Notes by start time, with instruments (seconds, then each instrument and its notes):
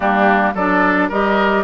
0.00 bassoon G3, clarinet A#3, oboe D4, flute G4
0.54 bassoon F#3, clarinet D4, oboe A4, flute D5
1.08 bassoon G3, clarinet G4, oboe A#4, flute D#5